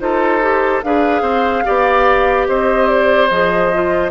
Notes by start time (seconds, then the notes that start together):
0.00 D#4 F4 A4 C5
0.41 G4
0.83 D4 G#4 B4 F5
1.22 C4 C5
1.65 B3 G4 D5
2.48 C4 C5 D#5
2.88 D5
3.29 F3 G#4 D#5
3.73 F4